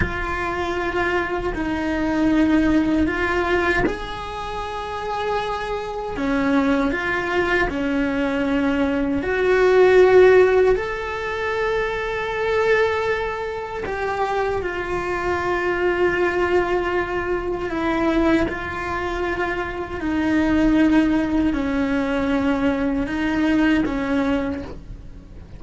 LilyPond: \new Staff \with { instrumentName = "cello" } { \time 4/4 \tempo 4 = 78 f'2 dis'2 | f'4 gis'2. | cis'4 f'4 cis'2 | fis'2 a'2~ |
a'2 g'4 f'4~ | f'2. e'4 | f'2 dis'2 | cis'2 dis'4 cis'4 | }